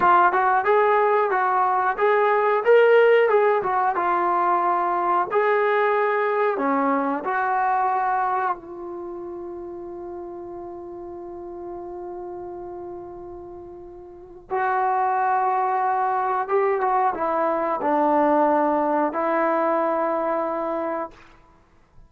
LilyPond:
\new Staff \with { instrumentName = "trombone" } { \time 4/4 \tempo 4 = 91 f'8 fis'8 gis'4 fis'4 gis'4 | ais'4 gis'8 fis'8 f'2 | gis'2 cis'4 fis'4~ | fis'4 f'2.~ |
f'1~ | f'2 fis'2~ | fis'4 g'8 fis'8 e'4 d'4~ | d'4 e'2. | }